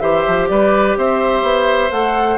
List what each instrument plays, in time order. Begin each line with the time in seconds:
0.00 bassoon E3, clarinet G4, oboe C5, flute E5
0.27 bassoon F3
0.49 bassoon G3, oboe B4, flute D5
0.97 bassoon C4, oboe C5, flute E5
1.43 bassoon B3
1.92 bassoon A3, clarinet A4, flute F#5